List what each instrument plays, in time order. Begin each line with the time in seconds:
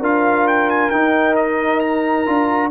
0.00 tuba D4, trombone F4, horn A#4, trumpet F5
0.47 trumpet G5
0.70 trumpet G#5
0.90 tuba D#4, trombone D#4, trumpet G5
1.36 trumpet D#5
1.80 trumpet A#5
2.26 tuba D4, trombone F4